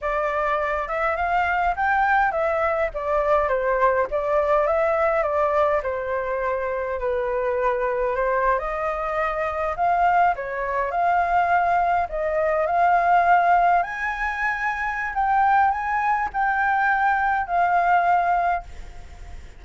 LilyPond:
\new Staff \with { instrumentName = "flute" } { \time 4/4 \tempo 4 = 103 d''4. e''8 f''4 g''4 | e''4 d''4 c''4 d''4 | e''4 d''4 c''2 | b'2 c''8. dis''4~ dis''16~ |
dis''8. f''4 cis''4 f''4~ f''16~ | f''8. dis''4 f''2 gis''16~ | gis''2 g''4 gis''4 | g''2 f''2 | }